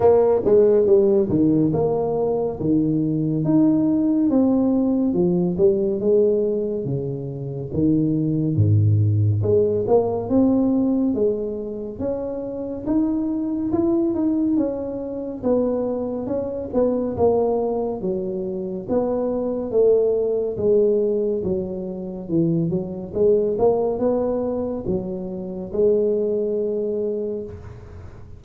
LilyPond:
\new Staff \with { instrumentName = "tuba" } { \time 4/4 \tempo 4 = 70 ais8 gis8 g8 dis8 ais4 dis4 | dis'4 c'4 f8 g8 gis4 | cis4 dis4 gis,4 gis8 ais8 | c'4 gis4 cis'4 dis'4 |
e'8 dis'8 cis'4 b4 cis'8 b8 | ais4 fis4 b4 a4 | gis4 fis4 e8 fis8 gis8 ais8 | b4 fis4 gis2 | }